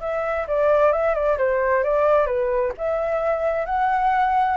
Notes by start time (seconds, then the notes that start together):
0.00 E5
0.47 D5
0.92 E5
1.14 D5
1.38 C5
1.83 D5
2.26 B4
2.77 E5
3.65 F#5